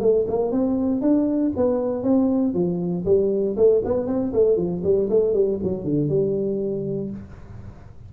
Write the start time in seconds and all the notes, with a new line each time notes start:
0.00 A3
0.27 A#3
0.51 C4
1.01 D4
1.56 B3
2.03 C4
2.54 F3
3.05 G3
3.56 A3
3.84 B3
4.07 C4
4.33 A3
4.57 F3
4.84 G3
5.10 A3
5.33 G3
5.63 F#3
5.84 D3
6.09 G3